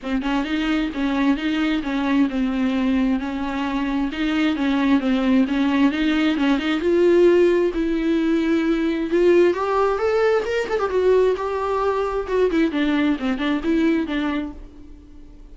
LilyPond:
\new Staff \with { instrumentName = "viola" } { \time 4/4 \tempo 4 = 132 c'8 cis'8 dis'4 cis'4 dis'4 | cis'4 c'2 cis'4~ | cis'4 dis'4 cis'4 c'4 | cis'4 dis'4 cis'8 dis'8 f'4~ |
f'4 e'2. | f'4 g'4 a'4 ais'8 a'16 g'16 | fis'4 g'2 fis'8 e'8 | d'4 c'8 d'8 e'4 d'4 | }